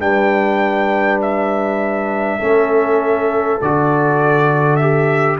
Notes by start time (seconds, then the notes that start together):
0.00 G3 D4 B4 G5
1.22 E5
2.39 A3 C#4 A4
3.62 D3 F#4 D5
4.76 G4 E5